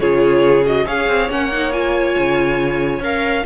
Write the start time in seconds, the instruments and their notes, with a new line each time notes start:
0.00 cello C#3, viola F4, violin G#4 C#5
0.65 viola F#4, violin D#5
0.85 cello C#4, viola G#4, violin C#5 F5
1.08 cello C4
1.30 cello A#3, viola C#4, violin F#5
1.52 viola D#4
1.72 viola F4, violin G#5
2.18 cello C#3
3.00 cello C#4, viola A#4, violin F5